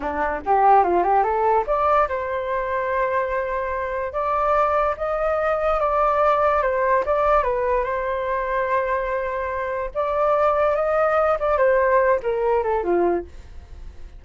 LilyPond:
\new Staff \with { instrumentName = "flute" } { \time 4/4 \tempo 4 = 145 d'4 g'4 f'8 g'8 a'4 | d''4 c''2.~ | c''2 d''2 | dis''2 d''2 |
c''4 d''4 b'4 c''4~ | c''1 | d''2 dis''4. d''8 | c''4. ais'4 a'8 f'4 | }